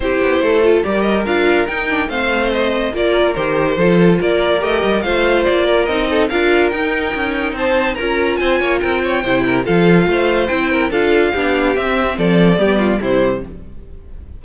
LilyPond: <<
  \new Staff \with { instrumentName = "violin" } { \time 4/4 \tempo 4 = 143 c''2 d''8 dis''8 f''4 | g''4 f''4 dis''4 d''4 | c''2 d''4 dis''4 | f''4 d''4 dis''4 f''4 |
g''2 a''4 ais''4 | gis''4 g''2 f''4~ | f''4 g''4 f''2 | e''4 d''2 c''4 | }
  \new Staff \with { instrumentName = "violin" } { \time 4/4 g'4 a'4 ais'2~ | ais'4 c''2 ais'4~ | ais'4 a'4 ais'2 | c''4. ais'4 a'8 ais'4~ |
ais'2 c''4 ais'4 | c''8 cis''8 ais'8 cis''8 c''8 ais'8 a'4 | c''4. ais'8 a'4 g'4~ | g'4 a'4 g'8 f'8 e'4 | }
  \new Staff \with { instrumentName = "viola" } { \time 4/4 e'4. f'8 g'4 f'4 | dis'8 d'8 c'2 f'4 | g'4 f'2 g'4 | f'2 dis'4 f'4 |
dis'2. f'4~ | f'2 e'4 f'4~ | f'4 e'4 f'4 d'4 | c'2 b4 g4 | }
  \new Staff \with { instrumentName = "cello" } { \time 4/4 c'8 b8 a4 g4 d'4 | dis'4 a2 ais4 | dis4 f4 ais4 a8 g8 | a4 ais4 c'4 d'4 |
dis'4 cis'4 c'4 cis'4 | c'8 ais8 c'4 c4 f4 | a4 c'4 d'4 b4 | c'4 f4 g4 c4 | }
>>